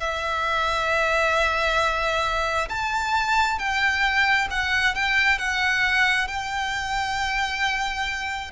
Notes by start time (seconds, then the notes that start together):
0.00 E5
2.69 A5
3.59 G5
4.51 F#5
4.95 G5
5.39 F#5
6.28 G5